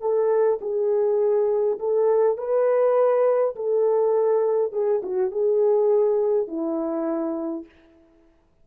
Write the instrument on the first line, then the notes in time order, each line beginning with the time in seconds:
horn
0.00 A4
0.61 G#4
1.79 A4
2.37 B4
3.55 A4
4.72 G#4
5.03 F#4
5.31 G#4
6.47 E4